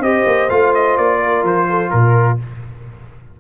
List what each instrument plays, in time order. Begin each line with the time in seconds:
0.00 tuba C4, trombone G4, horn C5, trumpet D#5
0.26 tuba A#3
0.50 tuba A3, trombone F4, trumpet F5
0.75 trumpet D#5
0.98 tuba A#3, trumpet D5
1.21 horn A#4
1.44 tuba F3, trumpet C5
1.70 horn A4
1.90 tuba A#2, horn A#4, trumpet A#4